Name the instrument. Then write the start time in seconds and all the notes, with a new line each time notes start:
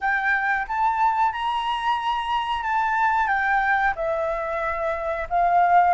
flute
0.00 G5
0.67 A5
1.32 A#5
2.62 A5
3.27 G5
3.95 E5
5.29 F5